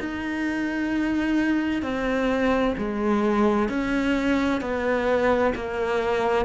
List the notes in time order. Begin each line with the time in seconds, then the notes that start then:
0.00 D#4
1.82 C4
2.78 G#3
3.69 C#4
4.61 B3
5.55 A#3